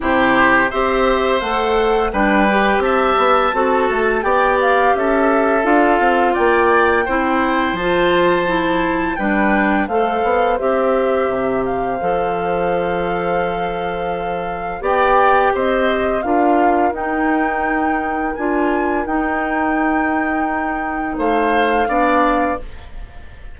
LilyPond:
<<
  \new Staff \with { instrumentName = "flute" } { \time 4/4 \tempo 4 = 85 c''4 e''4 fis''4 g''4 | a''2 g''8 f''8 e''4 | f''4 g''2 a''4~ | a''4 g''4 f''4 e''4~ |
e''8 f''2.~ f''8~ | f''4 g''4 dis''4 f''4 | g''2 gis''4 g''4~ | g''2 f''2 | }
  \new Staff \with { instrumentName = "oboe" } { \time 4/4 g'4 c''2 b'4 | e''4 a'4 d''4 a'4~ | a'4 d''4 c''2~ | c''4 b'4 c''2~ |
c''1~ | c''4 d''4 c''4 ais'4~ | ais'1~ | ais'2 c''4 d''4 | }
  \new Staff \with { instrumentName = "clarinet" } { \time 4/4 e'4 g'4 a'4 d'8 g'8~ | g'4 fis'4 g'2 | f'2 e'4 f'4 | e'4 d'4 a'4 g'4~ |
g'4 a'2.~ | a'4 g'2 f'4 | dis'2 f'4 dis'4~ | dis'2. d'4 | }
  \new Staff \with { instrumentName = "bassoon" } { \time 4/4 c4 c'4 a4 g4 | c'8 b8 c'8 a8 b4 cis'4 | d'8 c'8 ais4 c'4 f4~ | f4 g4 a8 b8 c'4 |
c4 f2.~ | f4 b4 c'4 d'4 | dis'2 d'4 dis'4~ | dis'2 a4 b4 | }
>>